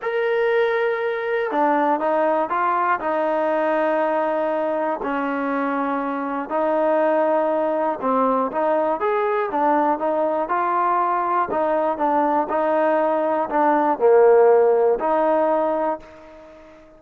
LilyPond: \new Staff \with { instrumentName = "trombone" } { \time 4/4 \tempo 4 = 120 ais'2. d'4 | dis'4 f'4 dis'2~ | dis'2 cis'2~ | cis'4 dis'2. |
c'4 dis'4 gis'4 d'4 | dis'4 f'2 dis'4 | d'4 dis'2 d'4 | ais2 dis'2 | }